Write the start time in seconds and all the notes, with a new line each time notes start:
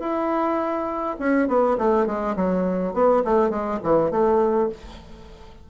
0.00 E4
1.20 C#4
1.49 B3
1.78 A3
2.07 G#3
2.36 F#3
2.94 B3
3.25 A3
3.50 G#3
3.84 E3
4.11 A3